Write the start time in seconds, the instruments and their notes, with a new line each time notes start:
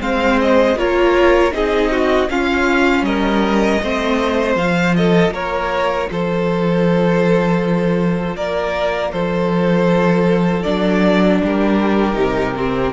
0.00 cello G#3, viola C4, violin C5 F5
0.41 violin D#5
0.75 cello A#3, viola F4, violin A#4 C#5
1.51 cello C4, viola D#4, violin G#4 D#5
1.91 violin F#4
2.29 cello C#4, viola C#4, violin F4 F5
3.01 cello G3, violin A#4 D#5
3.82 cello A3, viola C4, violin C5
4.55 cello F3, viola F4, violin F5
4.95 violin A4 D#5
5.30 cello A#3, violin A#4 C#5
6.10 cello F3, violin A4 C5
8.36 cello A#3, violin A#4 D5
9.12 cello F3, violin A4 C5
10.62 cello F#3, viola D4, violin D5
11.43 cello G3, violin G4 A#4
12.14 cello C3, viola D#4
12.56 viola C4